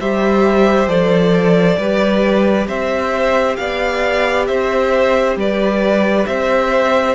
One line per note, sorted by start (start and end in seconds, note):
0.00 0.87 G3
0.00 0.88 G4
0.00 1.78 C5
0.00 0.88 E5
0.87 1.76 F3
0.87 1.78 A4
0.87 2.67 D5
1.77 2.67 G3
1.77 7.15 G4
1.77 2.67 B4
2.67 3.56 C4
2.67 3.57 C5
2.67 3.56 E5
3.56 4.48 B3
3.56 4.48 D5
3.56 4.45 F5
4.46 5.36 C4
4.46 5.37 C5
4.46 5.36 E5
5.36 6.25 G3
5.36 6.28 B4
5.36 6.26 D5
6.26 7.15 C4
6.26 7.15 C5
6.26 7.15 E5